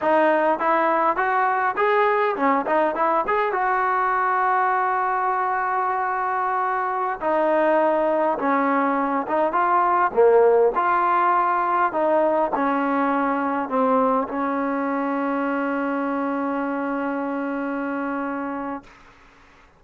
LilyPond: \new Staff \with { instrumentName = "trombone" } { \time 4/4 \tempo 4 = 102 dis'4 e'4 fis'4 gis'4 | cis'8 dis'8 e'8 gis'8 fis'2~ | fis'1~ | fis'16 dis'2 cis'4. dis'16~ |
dis'16 f'4 ais4 f'4.~ f'16~ | f'16 dis'4 cis'2 c'8.~ | c'16 cis'2.~ cis'8.~ | cis'1 | }